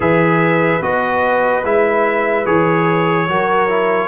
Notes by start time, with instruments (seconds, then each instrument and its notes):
0.00 tuba E3, trombone G#4, horn B4, trumpet E5
0.81 tuba B3, trombone F#4, trumpet D#5
1.63 tuba G#3, trombone E4, trumpet E5
2.45 tuba E3, trombone G#4, trumpet C#5
3.28 tuba F#3, trombone F#4, horn A#4
3.68 trombone E4